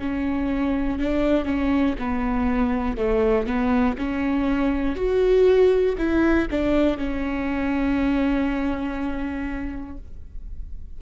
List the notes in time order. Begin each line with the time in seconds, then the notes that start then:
0.00 C#4
0.99 D4
1.45 C#4
1.99 B3
2.97 A3
3.46 B3
3.98 C#4
4.96 F#4
5.98 E4
6.51 D4
6.98 C#4